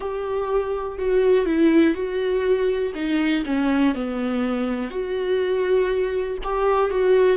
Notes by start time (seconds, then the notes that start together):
0.00 G4
0.98 F#4
1.45 E4
1.94 F#4
2.94 D#4
3.45 C#4
3.94 B3
4.90 F#4
6.43 G4
6.90 F#4